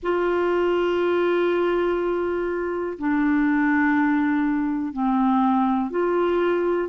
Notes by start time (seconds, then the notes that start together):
0.03 F4
2.98 D4
4.92 C4
5.90 F4